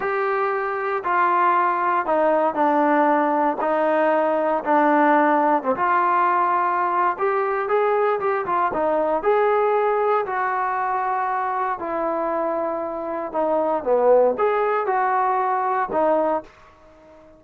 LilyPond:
\new Staff \with { instrumentName = "trombone" } { \time 4/4 \tempo 4 = 117 g'2 f'2 | dis'4 d'2 dis'4~ | dis'4 d'2 c'16 f'8.~ | f'2 g'4 gis'4 |
g'8 f'8 dis'4 gis'2 | fis'2. e'4~ | e'2 dis'4 b4 | gis'4 fis'2 dis'4 | }